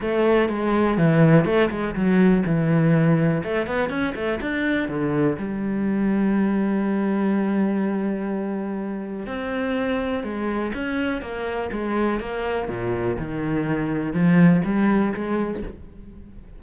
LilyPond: \new Staff \with { instrumentName = "cello" } { \time 4/4 \tempo 4 = 123 a4 gis4 e4 a8 gis8 | fis4 e2 a8 b8 | cis'8 a8 d'4 d4 g4~ | g1~ |
g2. c'4~ | c'4 gis4 cis'4 ais4 | gis4 ais4 ais,4 dis4~ | dis4 f4 g4 gis4 | }